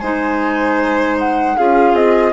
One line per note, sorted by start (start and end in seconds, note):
0.00 1.58 G#3
0.00 1.58 D#4
0.00 1.56 C5
0.00 1.17 G#5
1.19 1.57 F#5
1.57 1.94 C#4
1.57 2.33 F4
1.57 2.33 G#4
1.57 1.95 F5
1.94 2.32 C4
1.94 2.33 D#5